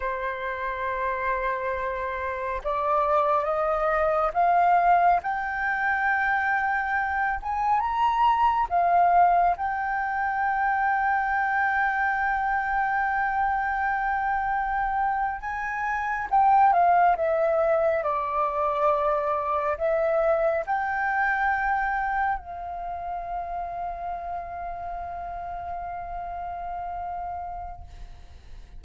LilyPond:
\new Staff \with { instrumentName = "flute" } { \time 4/4 \tempo 4 = 69 c''2. d''4 | dis''4 f''4 g''2~ | g''8 gis''8 ais''4 f''4 g''4~ | g''1~ |
g''4.~ g''16 gis''4 g''8 f''8 e''16~ | e''8. d''2 e''4 g''16~ | g''4.~ g''16 f''2~ f''16~ | f''1 | }